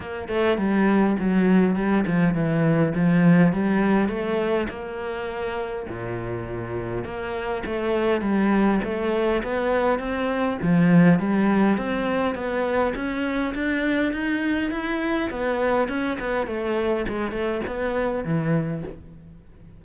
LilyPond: \new Staff \with { instrumentName = "cello" } { \time 4/4 \tempo 4 = 102 ais8 a8 g4 fis4 g8 f8 | e4 f4 g4 a4 | ais2 ais,2 | ais4 a4 g4 a4 |
b4 c'4 f4 g4 | c'4 b4 cis'4 d'4 | dis'4 e'4 b4 cis'8 b8 | a4 gis8 a8 b4 e4 | }